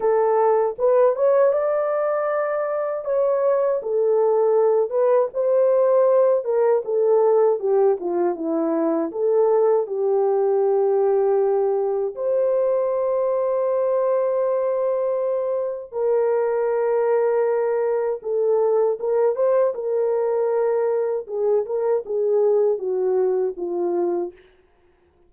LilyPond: \new Staff \with { instrumentName = "horn" } { \time 4/4 \tempo 4 = 79 a'4 b'8 cis''8 d''2 | cis''4 a'4. b'8 c''4~ | c''8 ais'8 a'4 g'8 f'8 e'4 | a'4 g'2. |
c''1~ | c''4 ais'2. | a'4 ais'8 c''8 ais'2 | gis'8 ais'8 gis'4 fis'4 f'4 | }